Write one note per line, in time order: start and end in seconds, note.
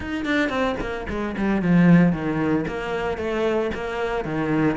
0.00 0.25 D#4
0.25 0.49 D4
0.49 0.75 C4
0.80 1.06 A#3
1.09 1.35 G#3
1.37 1.62 G3
1.62 2.12 F3
2.12 2.65 D#3
2.67 3.17 A#3
3.17 3.70 A3
3.74 4.25 A#3
4.25 4.76 D#3